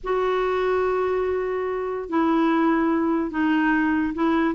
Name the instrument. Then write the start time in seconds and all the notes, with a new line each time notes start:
clarinet
0.03 F#4
2.09 E4
3.30 D#4
4.14 E4